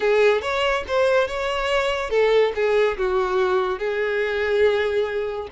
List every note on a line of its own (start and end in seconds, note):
0.00 0.41 G#4
0.41 0.84 C#5
0.87 1.27 C5
1.27 2.10 C#5
2.10 2.52 A4
2.55 2.97 G#4
2.97 3.79 F#4
3.79 5.48 G#4